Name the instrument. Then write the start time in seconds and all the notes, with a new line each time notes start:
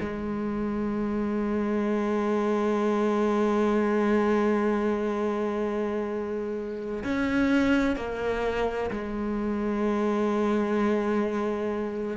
cello
0.00 G#3
7.04 C#4
7.96 A#3
8.91 G#3